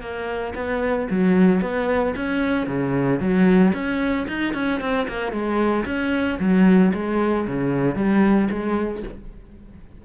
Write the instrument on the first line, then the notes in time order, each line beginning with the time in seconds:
cello
0.00 A#3
0.55 B3
1.10 F#3
1.61 B3
2.16 C#4
2.66 C#3
3.19 F#3
3.73 C#4
4.27 D#4
4.53 C#4
4.80 C4
5.08 A#3
5.32 G#3
5.85 C#4
6.39 F#3
6.93 G#3
7.47 C#3
7.95 G3
8.50 G#3